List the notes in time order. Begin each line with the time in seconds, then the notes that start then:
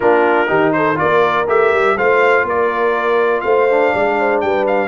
0.00 A#3 D4 F4 A#4
0.47 D#3 D#4 G4
0.72 A4 C5
0.95 F4 A#4 D5
1.01 A#3
1.48 A3 G4 E5
1.72 G3
1.96 A3 F4 C5 F5
2.43 A#3 A#4 D5
3.40 A3 C5 F5
3.69 D4
3.93 G#3 D5
4.19 C5
4.40 G3 B4 G5
4.67 F5